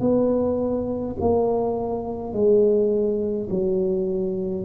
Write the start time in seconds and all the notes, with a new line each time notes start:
0.00 B3
1.20 A#3
2.33 G#3
3.50 F#3